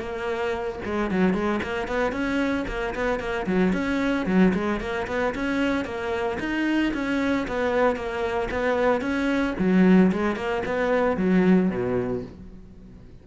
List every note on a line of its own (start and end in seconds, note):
0.00 0.80 A#3
0.85 1.11 G#3
1.11 1.34 F#3
1.34 1.60 G#3
1.63 1.88 A#3
1.88 2.12 B3
2.12 2.65 C#4
2.68 2.95 A#3
2.95 3.20 B3
3.20 3.46 A#3
3.47 3.73 F#3
3.73 4.26 C#4
4.26 4.53 F#3
4.54 4.81 G#3
4.81 5.07 A#3
5.08 5.34 B3
5.35 5.85 C#4
5.85 6.38 A#3
6.40 6.93 D#4
6.94 7.47 C#4
7.48 7.96 B3
7.96 8.49 A#3
8.51 9.01 B3
9.01 9.55 C#4
9.59 10.12 F#3
10.12 10.36 G#3
10.36 10.63 A#3
10.66 11.17 B3
11.17 11.70 F#3
11.70 12.23 B2